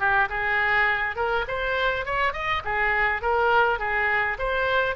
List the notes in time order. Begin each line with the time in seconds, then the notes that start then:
0.00 G4
0.29 G#4
1.17 A#4
1.49 C5
2.06 C#5
2.34 D#5
2.65 G#4
3.22 A#4
3.80 G#4
4.39 C5